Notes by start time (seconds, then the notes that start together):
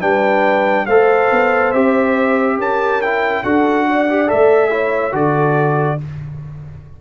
0.00 G3 D4 B4 G5
0.86 A3 A4 C5 F5
1.31 B3
1.71 C4 G4 E5
2.58 C#4 A#4 A5
3.02 E4 G5
3.43 D4 F#4 A4 F#5
3.87 D5
4.09 G4
4.28 A3 A4 E5
4.71 E4 C#5
5.12 D3 F#4 A4 D5